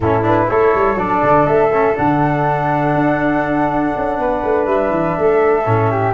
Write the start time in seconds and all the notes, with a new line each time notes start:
0.00 A2 C#4 E4 A4
0.22 D4 B4
0.49 A3 E4 A4 C#5
0.74 G3
0.95 F#3 D4 D5
1.22 D3
1.46 A3 E5
1.73 C#4
1.94 D3 D4 F#5
2.94 D4
3.96 C#4
4.18 B3 B4
4.43 A3
4.66 G3 E5
4.89 E3
5.18 A3 A4
5.65 A2 C#4
5.90 G4